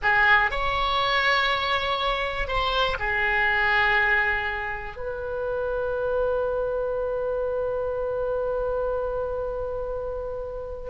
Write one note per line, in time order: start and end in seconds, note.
0.02 0.50 G#4
0.50 2.47 C#5
2.47 2.97 C5
2.99 4.96 G#4
4.96 10.90 B4